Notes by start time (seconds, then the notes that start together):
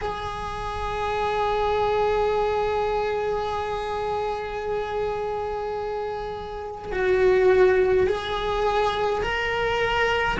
0.01 G#4
6.92 F#4
8.07 G#4
9.23 A#4